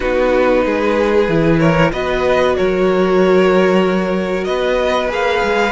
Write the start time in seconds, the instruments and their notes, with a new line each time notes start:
0.00 cello B3, viola D#4, violin F#4 B4
0.65 cello G#3, violin G#4
1.28 cello E3, viola E4
1.59 violin A#4 C#5
1.92 cello B3, viola F#4, violin B4 D#5
2.56 cello F#3, violin A#4 C#5
4.44 cello B3, violin B4 D#5
5.08 cello A#3, viola G#4, violin F5
5.43 cello G#3